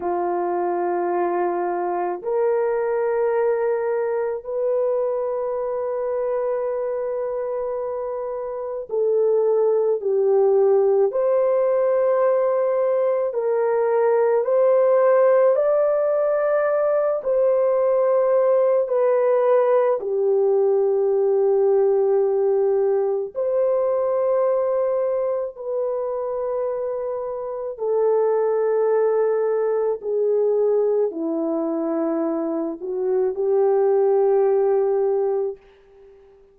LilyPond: \new Staff \with { instrumentName = "horn" } { \time 4/4 \tempo 4 = 54 f'2 ais'2 | b'1 | a'4 g'4 c''2 | ais'4 c''4 d''4. c''8~ |
c''4 b'4 g'2~ | g'4 c''2 b'4~ | b'4 a'2 gis'4 | e'4. fis'8 g'2 | }